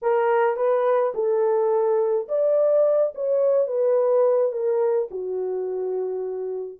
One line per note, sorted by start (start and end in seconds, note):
0.02 0.56 A#4
0.56 1.12 B4
1.14 2.27 A4
2.28 3.13 D5
3.14 3.67 C#5
3.67 4.51 B4
4.51 5.08 A#4
5.10 6.79 F#4